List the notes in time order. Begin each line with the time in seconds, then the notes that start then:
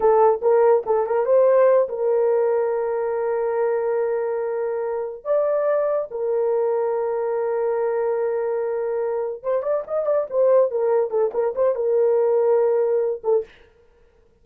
0.00 A4
0.41 A#4
0.85 A4
1.06 A#4
1.25 C5
1.89 A#4
5.24 D5
6.10 A#4
9.43 C5
9.62 D5
9.87 D#5
10.06 D5
10.30 C5
10.71 A#4
11.10 A4
11.33 A#4
11.55 C5
11.75 A#4
13.23 A4